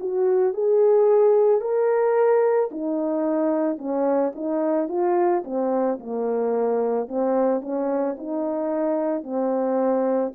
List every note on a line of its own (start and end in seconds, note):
0.00 0.54 F#4
0.54 1.61 G#4
1.61 2.70 A#4
2.71 3.78 D#4
3.78 4.32 C#4
4.35 4.88 D#4
4.88 5.43 F4
5.44 5.99 C4
6.00 7.08 A#3
7.08 7.61 C4
7.61 8.16 C#4
8.17 9.23 D#4
9.23 10.32 C4